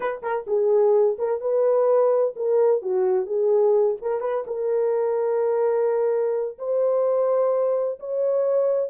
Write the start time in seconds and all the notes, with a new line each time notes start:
0.00 B4
0.22 A#4
0.47 G#4
1.18 A#4
1.40 B4
2.35 A#4
2.82 F#4
3.26 G#4
4.01 A#4
4.20 B4
4.47 A#4
6.58 C5
7.99 C#5